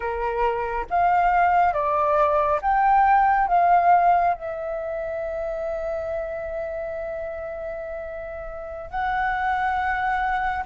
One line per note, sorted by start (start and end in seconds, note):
0.00 0.86 A#4
0.89 1.73 F5
1.73 2.60 D5
2.61 3.47 G5
3.47 4.34 F5
4.34 8.90 E5
8.90 10.64 F#5